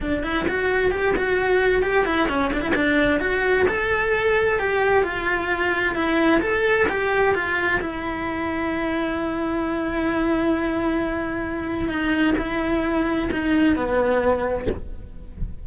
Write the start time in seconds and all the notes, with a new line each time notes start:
0.00 D4
0.22 E4
0.48 F#4
0.91 G4
1.16 F#4
1.82 G4
2.05 E4
2.28 C#4
2.53 D4
2.61 E4
2.75 D4
3.20 F#4
3.68 A4
4.59 G4
5.03 F4
5.95 E4
6.41 A4
6.88 G4
7.34 F4
7.80 E4
11.88 D#4
12.38 E4
13.32 D#4
13.75 B3